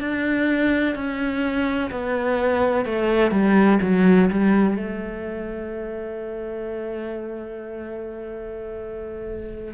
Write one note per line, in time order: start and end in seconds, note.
0.00 0.95 D4
0.95 1.90 C#4
1.91 2.85 B3
2.85 3.31 A3
3.31 3.79 G3
3.82 4.30 F#3
4.30 4.77 G3
4.77 9.74 A3